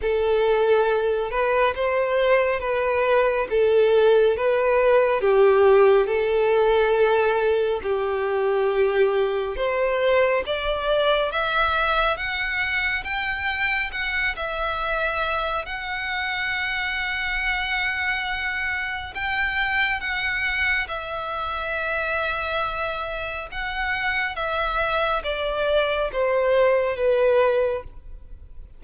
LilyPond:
\new Staff \with { instrumentName = "violin" } { \time 4/4 \tempo 4 = 69 a'4. b'8 c''4 b'4 | a'4 b'4 g'4 a'4~ | a'4 g'2 c''4 | d''4 e''4 fis''4 g''4 |
fis''8 e''4. fis''2~ | fis''2 g''4 fis''4 | e''2. fis''4 | e''4 d''4 c''4 b'4 | }